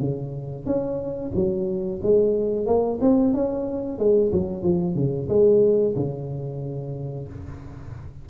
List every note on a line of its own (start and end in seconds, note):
0.00 0.66 C#3
0.66 1.32 C#4
1.35 2.01 F#3
2.03 2.66 G#3
2.66 2.99 A#3
3.01 3.34 C4
3.34 3.99 C#4
3.99 4.32 G#3
4.32 4.63 F#3
4.63 4.95 F3
4.95 5.28 C#3
5.29 5.95 G#3
5.96 7.28 C#3